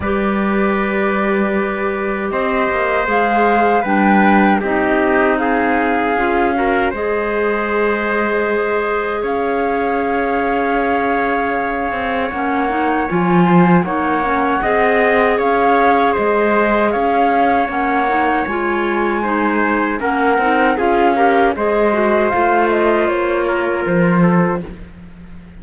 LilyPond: <<
  \new Staff \with { instrumentName = "flute" } { \time 4/4 \tempo 4 = 78 d''2. dis''4 | f''4 g''4 dis''4 f''4~ | f''4 dis''2. | f''1 |
fis''4 gis''4 fis''2 | f''4 dis''4 f''4 fis''4 | gis''2 fis''4 f''4 | dis''4 f''8 dis''8 cis''4 c''4 | }
  \new Staff \with { instrumentName = "trumpet" } { \time 4/4 b'2. c''4~ | c''4 b'4 g'4 gis'4~ | gis'8 ais'8 c''2. | cis''1~ |
cis''4. c''8 cis''4 dis''4 | cis''4 c''4 cis''2~ | cis''4 c''4 ais'4 gis'8 ais'8 | c''2~ c''8 ais'4 a'8 | }
  \new Staff \with { instrumentName = "clarinet" } { \time 4/4 g'1 | gis'4 d'4 dis'2 | f'8 fis'8 gis'2.~ | gis'1 |
cis'8 dis'8 f'4 dis'8 cis'8 gis'4~ | gis'2. cis'8 dis'8 | f'4 dis'4 cis'8 dis'8 f'8 g'8 | gis'8 fis'8 f'2. | }
  \new Staff \with { instrumentName = "cello" } { \time 4/4 g2. c'8 ais8 | gis4 g4 c'2 | cis'4 gis2. | cis'2.~ cis'8 c'8 |
ais4 f4 ais4 c'4 | cis'4 gis4 cis'4 ais4 | gis2 ais8 c'8 cis'4 | gis4 a4 ais4 f4 | }
>>